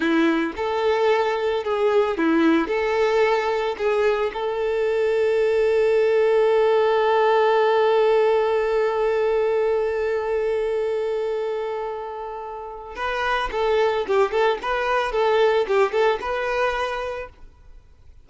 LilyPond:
\new Staff \with { instrumentName = "violin" } { \time 4/4 \tempo 4 = 111 e'4 a'2 gis'4 | e'4 a'2 gis'4 | a'1~ | a'1~ |
a'1~ | a'1 | b'4 a'4 g'8 a'8 b'4 | a'4 g'8 a'8 b'2 | }